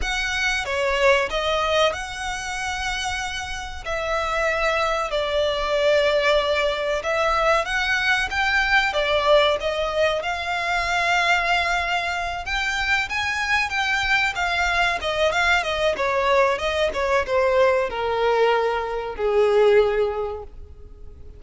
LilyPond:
\new Staff \with { instrumentName = "violin" } { \time 4/4 \tempo 4 = 94 fis''4 cis''4 dis''4 fis''4~ | fis''2 e''2 | d''2. e''4 | fis''4 g''4 d''4 dis''4 |
f''2.~ f''8 g''8~ | g''8 gis''4 g''4 f''4 dis''8 | f''8 dis''8 cis''4 dis''8 cis''8 c''4 | ais'2 gis'2 | }